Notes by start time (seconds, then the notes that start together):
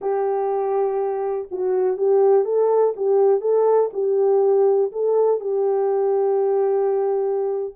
0.01 G4
1.51 F#4
1.97 G4
2.45 A4
2.96 G4
3.41 A4
3.93 G4
4.92 A4
5.40 G4